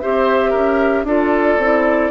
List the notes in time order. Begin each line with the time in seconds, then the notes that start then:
0.00 C4 G4 C5 E5
0.50 C#4 A#4
1.04 D4 F4 A4 D5
1.58 C4 E4